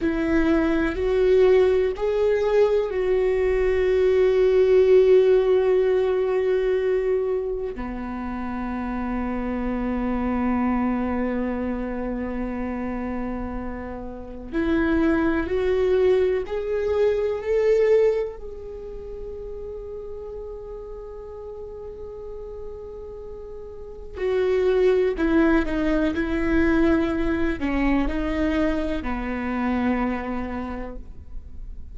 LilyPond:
\new Staff \with { instrumentName = "viola" } { \time 4/4 \tempo 4 = 62 e'4 fis'4 gis'4 fis'4~ | fis'1 | b1~ | b2. e'4 |
fis'4 gis'4 a'4 gis'4~ | gis'1~ | gis'4 fis'4 e'8 dis'8 e'4~ | e'8 cis'8 dis'4 b2 | }